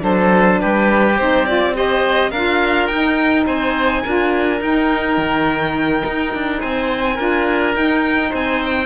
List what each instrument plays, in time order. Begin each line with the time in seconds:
0.00 cello F#3, saxophone D4, oboe A4, violin C5
0.61 cello G3, oboe G4, violin B4
1.17 cello C4, saxophone D#4, violin C5
1.46 saxophone F4, violin D5
1.74 saxophone G4, oboe C5, violin D#5
2.31 cello D4, saxophone F4, oboe A#4, violin F5
2.87 cello D#4, saxophone D#4, violin G5
3.46 cello C4, oboe C5, violin G#5
4.04 cello D4, saxophone F4, oboe A#4
4.60 saxophone D#4, cello D#4, violin G5
5.18 cello D#3
6.06 cello D#4
6.34 cello D4
6.60 cello C4, oboe C5, violin G#5
7.15 cello D4, saxophone F4, oboe A#4
7.74 saxophone D#4, cello D#4, violin G5
8.30 cello C4, oboe C5, violin G#5
8.65 violin G5